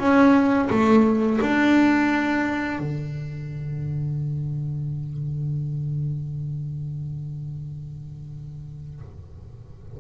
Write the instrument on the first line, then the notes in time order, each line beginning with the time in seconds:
double bass
0.00 C#4
0.70 A3
1.42 D4
2.79 D3